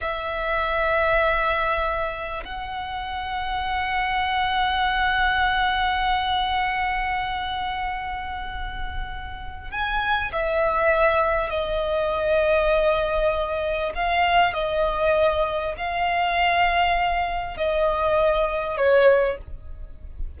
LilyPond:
\new Staff \with { instrumentName = "violin" } { \time 4/4 \tempo 4 = 99 e''1 | fis''1~ | fis''1~ | fis''1 |
gis''4 e''2 dis''4~ | dis''2. f''4 | dis''2 f''2~ | f''4 dis''2 cis''4 | }